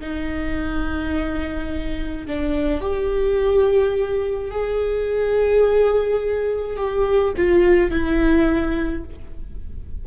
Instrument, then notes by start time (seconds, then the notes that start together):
viola
0.00 D#4
2.26 D4
2.80 G4
4.50 G#4
6.77 G4
7.36 F4
7.90 E4